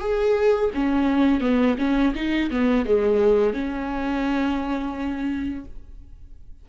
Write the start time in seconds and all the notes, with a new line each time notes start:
0.00 G#4
0.74 C#4
1.41 B3
1.78 C#4
2.15 D#4
2.51 B3
2.86 G#3
3.54 C#4